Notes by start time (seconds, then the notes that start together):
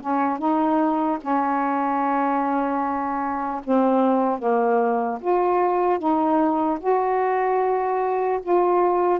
0.00 C#4
0.38 D#4
1.21 C#4
3.64 C4
4.38 A#3
5.20 F4
5.98 D#4
6.80 F#4
8.42 F4